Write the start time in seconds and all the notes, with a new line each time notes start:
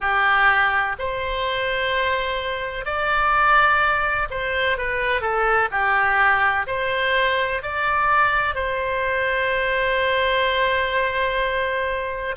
0.00 G4
0.98 C5
2.85 D5
4.30 C5
4.77 B4
5.21 A4
5.71 G4
6.67 C5
7.62 D5
8.55 C5